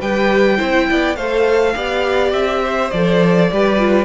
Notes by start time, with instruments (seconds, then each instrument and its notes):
0.00 cello G3, viola G4, violin B4 G5
0.57 cello C4, viola E4, violin C5
0.89 cello B3, violin D5
1.15 cello A3, viola A4, violin C5 F5
1.74 cello B3, viola G4, violin D5
2.32 cello C4, violin E5
2.63 violin C5
2.90 cello F3, viola A4, violin D5
3.51 cello G3, viola G4, violin B4
3.78 viola F4